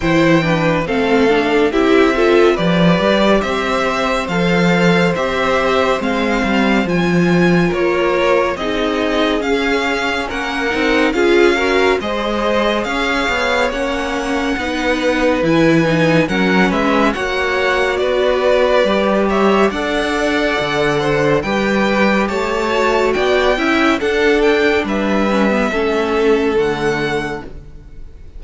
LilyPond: <<
  \new Staff \with { instrumentName = "violin" } { \time 4/4 \tempo 4 = 70 g''4 f''4 e''4 d''4 | e''4 f''4 e''4 f''4 | gis''4 cis''4 dis''4 f''4 | fis''4 f''4 dis''4 f''4 |
fis''2 gis''4 fis''8 e''8 | fis''4 d''4. e''8 fis''4~ | fis''4 g''4 a''4 g''4 | fis''8 g''8 e''2 fis''4 | }
  \new Staff \with { instrumentName = "violin" } { \time 4/4 c''8 b'8 a'4 g'8 a'8 b'4 | c''1~ | c''4 ais'4 gis'2 | ais'4 gis'8 ais'8 c''4 cis''4~ |
cis''4 b'2 ais'8 b'8 | cis''4 b'4. cis''8 d''4~ | d''8 c''8 b'4 cis''4 d''8 e''8 | a'4 b'4 a'2 | }
  \new Staff \with { instrumentName = "viola" } { \time 4/4 e'8 d'8 c'8 d'8 e'8 f'8 g'4~ | g'4 a'4 g'4 c'4 | f'2 dis'4 cis'4~ | cis'8 dis'8 f'8 fis'8 gis'2 |
cis'4 dis'4 e'8 dis'8 cis'4 | fis'2 g'4 a'4~ | a'4 g'4. fis'4 e'8 | d'4. cis'16 b16 cis'4 a4 | }
  \new Staff \with { instrumentName = "cello" } { \time 4/4 e4 a4 c'4 f8 g8 | c'4 f4 c'4 gis8 g8 | f4 ais4 c'4 cis'4 | ais8 c'8 cis'4 gis4 cis'8 b8 |
ais4 b4 e4 fis8 gis8 | ais4 b4 g4 d'4 | d4 g4 a4 b8 cis'8 | d'4 g4 a4 d4 | }
>>